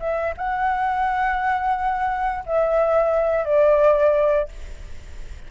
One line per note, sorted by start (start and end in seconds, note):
0.00 0.34 E5
0.38 2.45 F#5
2.47 3.45 E5
3.45 4.49 D5